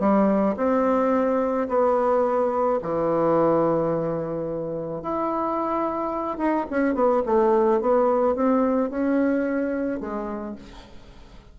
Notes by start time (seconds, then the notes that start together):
0.00 G3
0.57 C4
1.68 B3
2.82 E3
5.02 E4
6.38 D#4
6.70 C#4
6.95 B3
7.26 A3
7.81 B3
8.36 C4
8.90 C#4
10.00 G#3